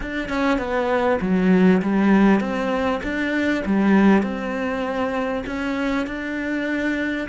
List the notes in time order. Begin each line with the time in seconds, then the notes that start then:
0.00 D4
0.28 C#4
0.58 B3
1.20 F#3
1.82 G3
2.40 C4
3.03 D4
3.65 G3
4.22 C4
5.46 C#4
6.07 D4